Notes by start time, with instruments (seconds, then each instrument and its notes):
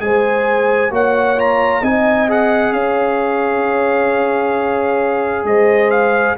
0.00 tuba G#3, trombone G#4, horn C5, trumpet G#5
0.90 tuba A#3, trombone F#4, horn C#5, trumpet F#5
1.36 trombone F4, trumpet A#5
1.82 tuba C4, trombone D#4, horn D#5, trumpet G#5
2.29 trombone G#4, trumpet F#5
2.73 tuba C#4, horn C#5, trumpet F5
5.44 tuba G#3, horn C5, trumpet D#5
5.90 trumpet F5